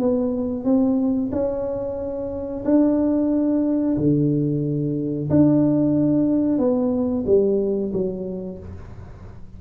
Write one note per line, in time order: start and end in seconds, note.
0.00 0.65 B3
0.65 1.31 C4
1.32 2.64 C#4
2.65 3.97 D4
3.98 5.30 D3
5.30 6.59 D4
6.59 7.25 B3
7.27 7.93 G3
7.93 8.59 F#3